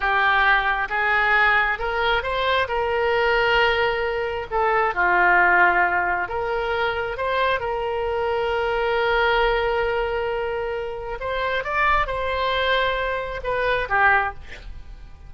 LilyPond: \new Staff \with { instrumentName = "oboe" } { \time 4/4 \tempo 4 = 134 g'2 gis'2 | ais'4 c''4 ais'2~ | ais'2 a'4 f'4~ | f'2 ais'2 |
c''4 ais'2.~ | ais'1~ | ais'4 c''4 d''4 c''4~ | c''2 b'4 g'4 | }